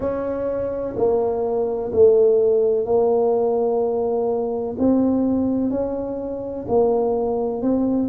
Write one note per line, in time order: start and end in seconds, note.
0.00 0.95 C#4
0.96 1.91 A#3
1.92 2.85 A3
2.85 4.76 A#3
4.78 5.70 C4
5.70 6.65 C#4
6.68 7.61 A#3
7.61 8.09 C4